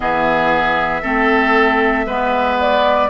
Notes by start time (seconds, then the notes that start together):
0.00 E3 B3 G#4 E5
1.02 A3 C4 A4
2.06 G#3 B3 B4
2.60 D5